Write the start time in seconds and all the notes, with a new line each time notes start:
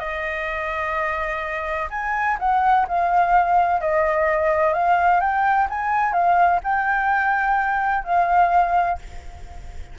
0.00 D#5
1.90 G#5
2.40 F#5
2.89 F5
3.81 D#5
4.74 F5
5.21 G5
5.70 G#5
6.13 F5
6.64 G5
8.04 F5